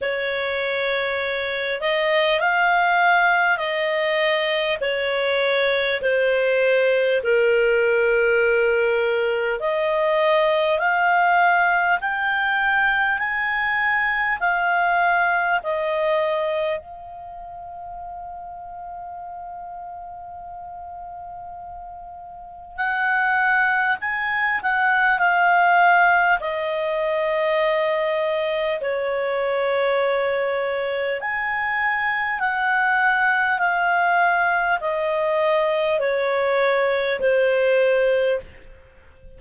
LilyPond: \new Staff \with { instrumentName = "clarinet" } { \time 4/4 \tempo 4 = 50 cis''4. dis''8 f''4 dis''4 | cis''4 c''4 ais'2 | dis''4 f''4 g''4 gis''4 | f''4 dis''4 f''2~ |
f''2. fis''4 | gis''8 fis''8 f''4 dis''2 | cis''2 gis''4 fis''4 | f''4 dis''4 cis''4 c''4 | }